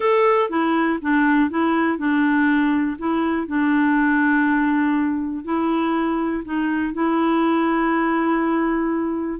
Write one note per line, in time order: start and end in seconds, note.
0.00 0.49 A4
0.49 0.99 E4
1.01 1.50 D4
1.50 1.98 E4
1.98 2.97 D4
2.98 3.47 E4
3.47 5.44 D4
5.44 6.43 E4
6.44 6.93 D#4
6.93 9.40 E4